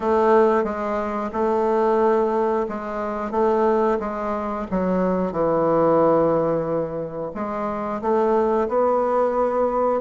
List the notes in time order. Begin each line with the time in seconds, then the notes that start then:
0.00 A3
0.63 G#3
1.32 A3
2.68 G#3
3.31 A3
3.99 G#3
4.71 F#3
5.32 E3
7.34 G#3
8.01 A3
8.68 B3